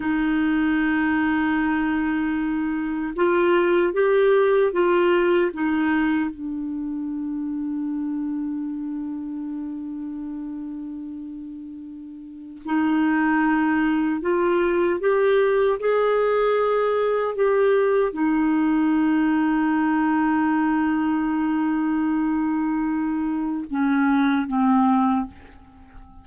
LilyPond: \new Staff \with { instrumentName = "clarinet" } { \time 4/4 \tempo 4 = 76 dis'1 | f'4 g'4 f'4 dis'4 | d'1~ | d'1 |
dis'2 f'4 g'4 | gis'2 g'4 dis'4~ | dis'1~ | dis'2 cis'4 c'4 | }